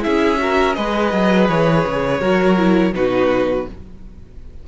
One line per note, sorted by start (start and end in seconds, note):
0.00 0.36 E4
0.00 0.41 G#4
0.00 0.75 E5
0.06 0.77 C#4
0.38 0.74 F#4
0.38 0.77 A#4
0.75 1.13 G#3
0.75 2.21 G#4
0.75 2.20 B4
0.75 1.47 D#5
1.13 1.49 F#3
1.49 1.85 E3
1.49 2.94 C#5
1.86 2.21 C#3
2.20 2.93 F#3
2.20 2.57 F#4
2.20 2.93 A#4
2.57 2.94 E4
2.93 3.66 B2
2.93 3.66 D#4
2.93 3.68 F#4
2.93 3.68 B4